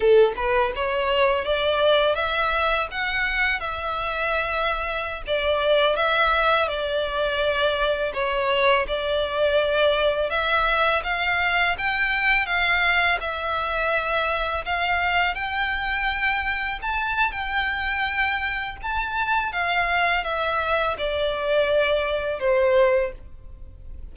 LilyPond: \new Staff \with { instrumentName = "violin" } { \time 4/4 \tempo 4 = 83 a'8 b'8 cis''4 d''4 e''4 | fis''4 e''2~ e''16 d''8.~ | d''16 e''4 d''2 cis''8.~ | cis''16 d''2 e''4 f''8.~ |
f''16 g''4 f''4 e''4.~ e''16~ | e''16 f''4 g''2 a''8. | g''2 a''4 f''4 | e''4 d''2 c''4 | }